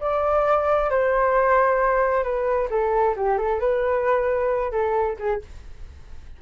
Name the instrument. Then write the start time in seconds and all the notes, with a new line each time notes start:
flute
0.00 D5
0.90 C5
2.23 B4
2.70 A4
3.16 G4
3.38 A4
3.60 B4
4.71 A4
5.19 G#4